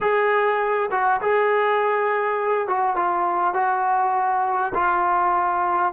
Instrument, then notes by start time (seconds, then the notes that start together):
trombone
0.01 G#4
0.91 F#4
1.21 G#4
2.67 F#4
2.96 F4
3.54 F#4
4.74 F4